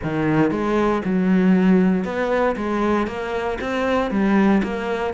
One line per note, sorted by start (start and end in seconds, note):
0.03 0.50 D#3
0.50 1.02 G#3
1.04 2.04 F#3
2.04 2.55 B3
2.56 3.07 G#3
3.07 3.58 A#3
3.61 4.10 C4
4.10 4.62 G3
4.63 5.13 A#3